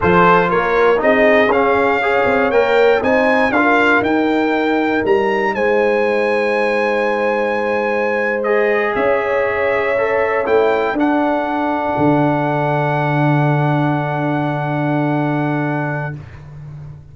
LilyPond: <<
  \new Staff \with { instrumentName = "trumpet" } { \time 4/4 \tempo 4 = 119 c''4 cis''4 dis''4 f''4~ | f''4 g''4 gis''4 f''4 | g''2 ais''4 gis''4~ | gis''1~ |
gis''8. dis''4 e''2~ e''16~ | e''8. g''4 fis''2~ fis''16~ | fis''1~ | fis''1 | }
  \new Staff \with { instrumentName = "horn" } { \time 4/4 a'4 ais'4 gis'2 | cis''2 c''4 ais'4~ | ais'2. c''4~ | c''1~ |
c''4.~ c''16 cis''2~ cis''16~ | cis''4.~ cis''16 a'2~ a'16~ | a'1~ | a'1 | }
  \new Staff \with { instrumentName = "trombone" } { \time 4/4 f'2 dis'4 cis'4 | gis'4 ais'4 dis'4 f'4 | dis'1~ | dis'1~ |
dis'8. gis'2. a'16~ | a'8. e'4 d'2~ d'16~ | d'1~ | d'1 | }
  \new Staff \with { instrumentName = "tuba" } { \time 4/4 f4 ais4 c'4 cis'4~ | cis'8 c'8 ais4 c'4 d'4 | dis'2 g4 gis4~ | gis1~ |
gis4.~ gis16 cis'2~ cis'16~ | cis'8. a4 d'2 d16~ | d1~ | d1 | }
>>